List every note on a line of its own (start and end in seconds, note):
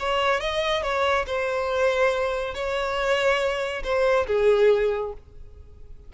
0.00 0.41 C#5
0.41 0.83 D#5
0.83 1.26 C#5
1.27 2.55 C5
2.55 3.83 C#5
3.84 4.27 C5
4.27 5.13 G#4